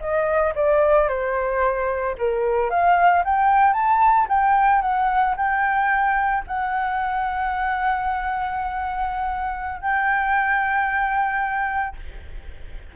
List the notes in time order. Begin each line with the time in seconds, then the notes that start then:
0.00 D#5
0.55 D5
1.08 C5
2.18 A#4
2.70 F5
3.24 G5
3.73 A5
4.29 G5
4.81 F#5
5.36 G5
6.47 F#5
9.81 G5